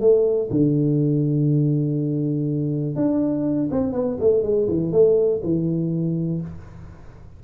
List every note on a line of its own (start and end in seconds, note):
0.00 0.49 A3
0.50 2.96 D3
2.96 3.69 D4
3.71 3.92 C4
3.92 4.17 B3
4.20 4.43 A3
4.43 4.67 G#3
4.68 4.92 E3
4.92 5.41 A3
5.43 6.41 E3